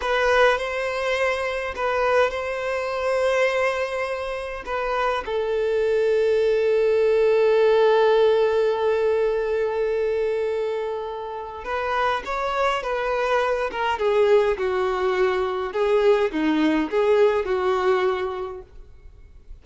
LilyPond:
\new Staff \with { instrumentName = "violin" } { \time 4/4 \tempo 4 = 103 b'4 c''2 b'4 | c''1 | b'4 a'2.~ | a'1~ |
a'1 | b'4 cis''4 b'4. ais'8 | gis'4 fis'2 gis'4 | dis'4 gis'4 fis'2 | }